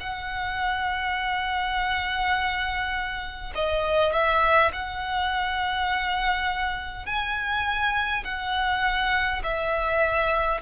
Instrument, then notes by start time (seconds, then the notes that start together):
violin
0.00 F#5
3.55 D#5
4.13 E5
4.73 F#5
7.06 G#5
8.25 F#5
9.43 E5